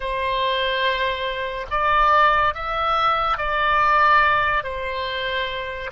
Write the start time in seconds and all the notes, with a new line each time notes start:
0.00 C5
1.70 D5
2.54 E5
3.37 D5
4.63 C5